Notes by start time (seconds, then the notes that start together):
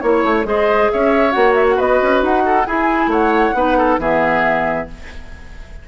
0.00 A#3 E4 C#5
0.24 A3
0.44 G#3 G#4 C5 D#5
0.91 C#4 C#5 E5
1.31 A#3 F#4 F#5
1.54 E5
1.69 F#5
1.76 B3 B4 D#5
2.02 C#4
2.22 D#4 F#5
2.45 A4
2.66 E4 G#4 G#5
3.07 A3 C#5 F#5
3.54 B3 D#4 B4
3.78 A4
3.98 E3 B3 G#4 E5